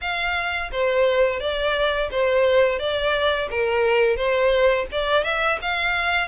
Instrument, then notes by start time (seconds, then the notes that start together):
violin
0.01 F5
0.71 C5
1.40 D5
2.11 C5
2.79 D5
3.50 A#4
4.16 C5
4.91 D5
5.23 E5
5.61 F5